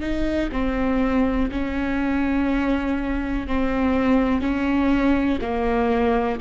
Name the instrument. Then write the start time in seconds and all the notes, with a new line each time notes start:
viola
0.00 D#4
0.51 C4
1.51 C#4
3.47 C4
4.41 C#4
5.41 A#3